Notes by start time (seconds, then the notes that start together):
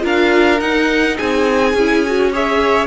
0.00 D4 F4 A#4 F5
0.60 D#4 F#5
1.16 C4 G#4 G#5
1.73 C#4 E4
2.06 F#4
2.32 G#4 C#5 E5